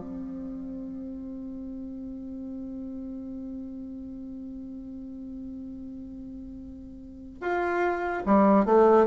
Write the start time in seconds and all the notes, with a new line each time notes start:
0.00 C4
7.41 F4
8.26 G3
8.66 A3